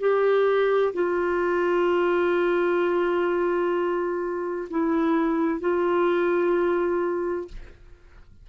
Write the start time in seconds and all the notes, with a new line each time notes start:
0.00 G4
0.94 F4
4.70 E4
5.61 F4